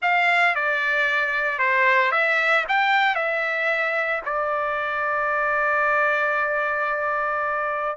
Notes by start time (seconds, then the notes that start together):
0.02 F5
0.55 D5
1.58 C5
2.11 E5
2.68 G5
3.15 E5
4.25 D5